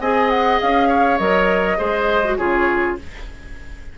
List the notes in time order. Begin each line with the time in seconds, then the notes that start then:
0.00 C4 G#4 D#5 G#5
0.30 F#5
0.61 C#4 F5
0.88 C#5
1.18 F#3 A#4 D#5
1.78 G#3 G#4 C5
2.24 F#4
2.38 C#3 F4 G#4 C#5